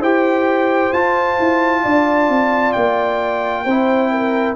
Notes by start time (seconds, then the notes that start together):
0.00 E4 G4 C5 G5
0.93 F4 A5
1.39 E4
1.83 D4 D5
2.29 C4
2.72 A#3 G5
3.65 C4 E4 C5
4.10 A#4